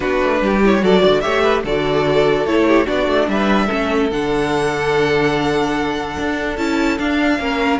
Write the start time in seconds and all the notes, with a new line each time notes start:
0.00 B3 D4 F#4 B4
0.23 A3
0.41 G3 G4
0.64 E4 C#5
0.80 F#3 F#4 A4 D5
1.00 D3 D5
1.20 A3 G4 C#5 E5
1.42 B4
1.64 D3 F#4 A4 D5
2.44 A3 E4 C#5
2.67 G4
2.85 B3 D4 F#4 D5
3.07 A3
3.27 G3 B4 E5
3.66 A3 C#4 A4
4.10 D3 D4 F#5
6.19 D4
6.57 C#4 E4 A5
6.98 D4 F5
7.38 A#3 C#4 A#4